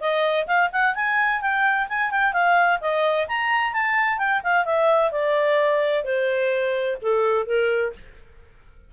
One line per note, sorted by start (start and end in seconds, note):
0.00 0.47 D#5
0.47 0.70 F5
0.72 0.95 F#5
0.95 1.41 G#5
1.41 1.88 G5
1.88 2.11 G#5
2.11 2.33 G5
2.33 2.79 F5
2.80 3.27 D#5
3.27 3.73 A#5
3.73 4.18 A5
4.18 4.41 G5
4.43 4.65 F5
4.65 5.11 E5
5.11 6.04 D5
6.04 6.97 C5
7.01 7.46 A4
7.46 7.93 A#4